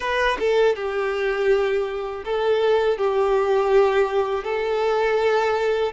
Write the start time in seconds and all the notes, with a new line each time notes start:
0.00 B4
0.39 A4
0.75 G4
2.24 A4
2.97 G4
4.44 A4